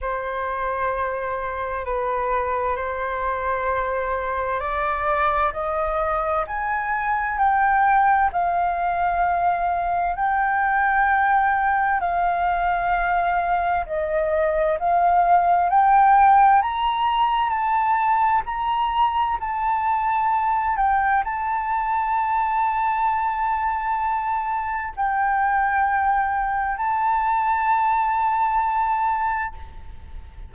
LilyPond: \new Staff \with { instrumentName = "flute" } { \time 4/4 \tempo 4 = 65 c''2 b'4 c''4~ | c''4 d''4 dis''4 gis''4 | g''4 f''2 g''4~ | g''4 f''2 dis''4 |
f''4 g''4 ais''4 a''4 | ais''4 a''4. g''8 a''4~ | a''2. g''4~ | g''4 a''2. | }